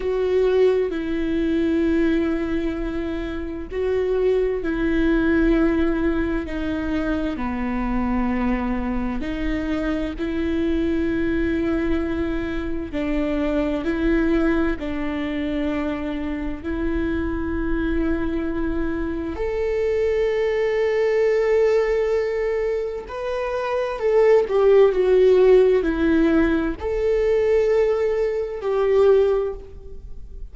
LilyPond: \new Staff \with { instrumentName = "viola" } { \time 4/4 \tempo 4 = 65 fis'4 e'2. | fis'4 e'2 dis'4 | b2 dis'4 e'4~ | e'2 d'4 e'4 |
d'2 e'2~ | e'4 a'2.~ | a'4 b'4 a'8 g'8 fis'4 | e'4 a'2 g'4 | }